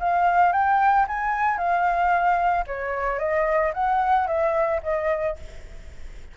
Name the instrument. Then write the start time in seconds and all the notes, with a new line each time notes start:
flute
0.00 F5
0.53 G5
1.08 G#5
1.58 F5
2.67 C#5
3.19 D#5
3.74 F#5
4.28 E5
4.83 D#5